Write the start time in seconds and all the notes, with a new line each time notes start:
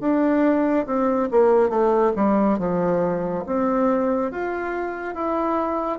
0.00 D4
0.86 C4
1.31 A#3
1.69 A3
2.15 G3
2.58 F3
3.46 C4
4.31 F4
5.14 E4